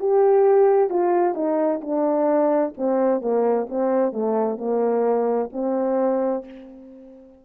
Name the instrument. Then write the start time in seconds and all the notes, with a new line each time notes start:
horn
0.00 G4
0.90 F4
1.34 D#4
1.81 D4
2.77 C4
3.21 A#3
3.70 C4
4.12 A3
4.58 A#3
5.53 C4